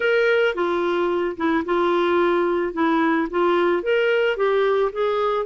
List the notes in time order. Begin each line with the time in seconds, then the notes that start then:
0.00 A#4
0.54 F4
1.36 E4
1.65 F4
2.73 E4
3.30 F4
3.82 A#4
4.37 G4
4.92 G#4